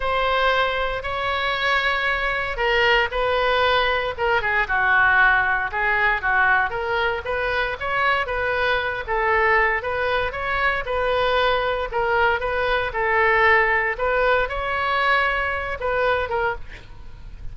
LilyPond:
\new Staff \with { instrumentName = "oboe" } { \time 4/4 \tempo 4 = 116 c''2 cis''2~ | cis''4 ais'4 b'2 | ais'8 gis'8 fis'2 gis'4 | fis'4 ais'4 b'4 cis''4 |
b'4. a'4. b'4 | cis''4 b'2 ais'4 | b'4 a'2 b'4 | cis''2~ cis''8 b'4 ais'8 | }